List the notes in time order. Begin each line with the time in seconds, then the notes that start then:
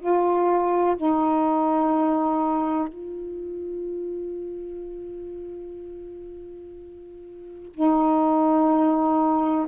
0.00 F4
0.97 D#4
2.89 F4
7.74 D#4